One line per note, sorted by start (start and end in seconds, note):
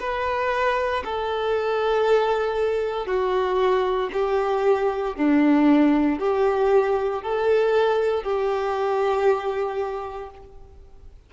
0.00 1.03 B4
1.05 3.07 A4
3.07 4.10 F#4
4.13 5.16 G4
5.16 6.20 D4
6.20 7.23 G4
7.23 8.23 A4
8.23 10.30 G4